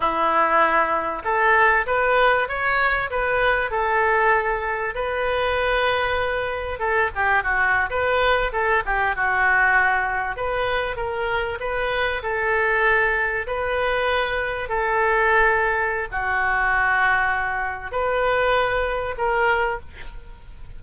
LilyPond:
\new Staff \with { instrumentName = "oboe" } { \time 4/4 \tempo 4 = 97 e'2 a'4 b'4 | cis''4 b'4 a'2 | b'2. a'8 g'8 | fis'8. b'4 a'8 g'8 fis'4~ fis'16~ |
fis'8. b'4 ais'4 b'4 a'16~ | a'4.~ a'16 b'2 a'16~ | a'2 fis'2~ | fis'4 b'2 ais'4 | }